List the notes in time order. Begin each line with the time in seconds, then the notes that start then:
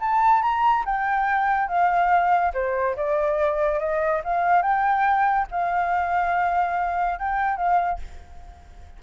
0.00 A5
0.42 A#5
0.85 G5
1.68 F5
2.54 C5
2.96 D5
3.80 D#5
4.24 F5
4.62 G5
5.51 F5
7.19 G5
7.57 F5